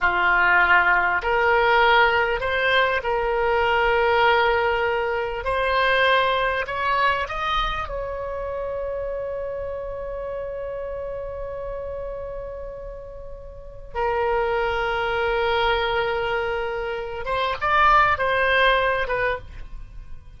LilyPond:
\new Staff \with { instrumentName = "oboe" } { \time 4/4 \tempo 4 = 99 f'2 ais'2 | c''4 ais'2.~ | ais'4 c''2 cis''4 | dis''4 cis''2.~ |
cis''1~ | cis''2. ais'4~ | ais'1~ | ais'8 c''8 d''4 c''4. b'8 | }